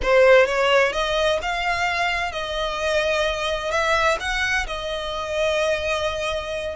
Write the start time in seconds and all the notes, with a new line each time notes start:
0.02 C5
0.45 C#5
0.92 D#5
1.42 F5
2.32 D#5
3.71 E5
4.20 F#5
4.66 D#5